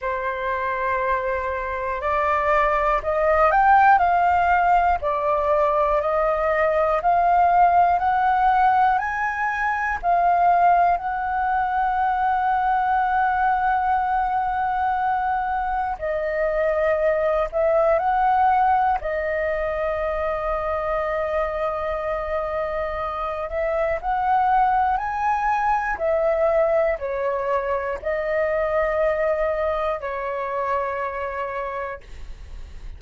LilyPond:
\new Staff \with { instrumentName = "flute" } { \time 4/4 \tempo 4 = 60 c''2 d''4 dis''8 g''8 | f''4 d''4 dis''4 f''4 | fis''4 gis''4 f''4 fis''4~ | fis''1 |
dis''4. e''8 fis''4 dis''4~ | dis''2.~ dis''8 e''8 | fis''4 gis''4 e''4 cis''4 | dis''2 cis''2 | }